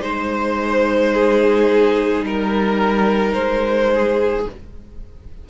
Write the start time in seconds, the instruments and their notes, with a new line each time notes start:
0.00 cello G#3, viola D#4, violin C5
1.14 violin G#4
2.22 cello G3, violin A#4
3.33 cello G#3, violin C5
3.93 violin G#4